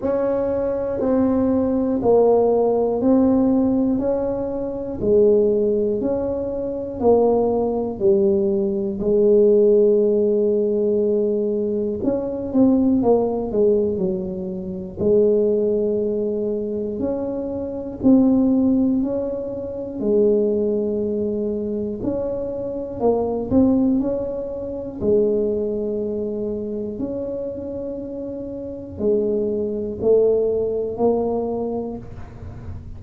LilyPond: \new Staff \with { instrumentName = "tuba" } { \time 4/4 \tempo 4 = 60 cis'4 c'4 ais4 c'4 | cis'4 gis4 cis'4 ais4 | g4 gis2. | cis'8 c'8 ais8 gis8 fis4 gis4~ |
gis4 cis'4 c'4 cis'4 | gis2 cis'4 ais8 c'8 | cis'4 gis2 cis'4~ | cis'4 gis4 a4 ais4 | }